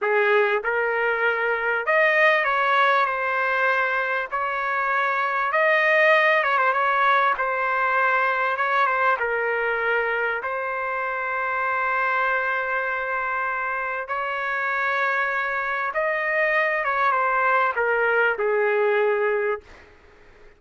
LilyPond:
\new Staff \with { instrumentName = "trumpet" } { \time 4/4 \tempo 4 = 98 gis'4 ais'2 dis''4 | cis''4 c''2 cis''4~ | cis''4 dis''4. cis''16 c''16 cis''4 | c''2 cis''8 c''8 ais'4~ |
ais'4 c''2.~ | c''2. cis''4~ | cis''2 dis''4. cis''8 | c''4 ais'4 gis'2 | }